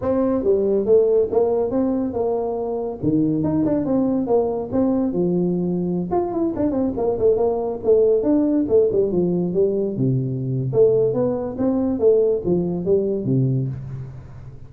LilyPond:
\new Staff \with { instrumentName = "tuba" } { \time 4/4 \tempo 4 = 140 c'4 g4 a4 ais4 | c'4 ais2 dis4 | dis'8 d'8 c'4 ais4 c'4 | f2~ f16 f'8 e'8 d'8 c'16~ |
c'16 ais8 a8 ais4 a4 d'8.~ | d'16 a8 g8 f4 g4 c8.~ | c4 a4 b4 c'4 | a4 f4 g4 c4 | }